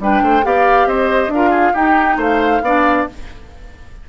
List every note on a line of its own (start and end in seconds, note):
0.00 0.22 G3
0.00 0.43 D4
0.00 0.23 B4
0.00 0.45 G5
0.22 0.44 A3
0.22 0.45 C5
0.43 0.86 B3
0.43 1.31 G4
0.43 0.88 D5
0.43 0.88 F5
0.86 1.28 C4
0.86 1.32 C5
0.86 1.31 D#5
1.28 1.71 D4
1.28 1.76 F5
1.34 1.75 F4
1.34 1.50 A#4
1.50 1.72 G#4
1.74 2.63 D#4
1.74 2.17 D#4
1.74 2.17 G4
1.74 2.19 G5
2.17 2.61 A3
2.17 2.62 C5
2.17 3.09 F5
2.61 3.05 B3
2.61 3.09 D4
2.61 3.08 D5